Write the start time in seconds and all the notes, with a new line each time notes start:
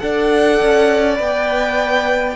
0.00 D4 A4 D5 F#5
0.62 C#4
1.15 B3 B4
1.22 G5